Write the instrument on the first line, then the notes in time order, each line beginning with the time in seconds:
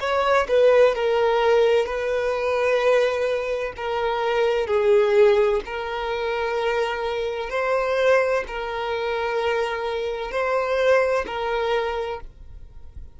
violin
0.00 C#5
0.48 B4
0.95 A#4
1.85 B4
3.76 A#4
4.67 G#4
5.65 A#4
7.50 C5
8.47 A#4
10.31 C5
11.26 A#4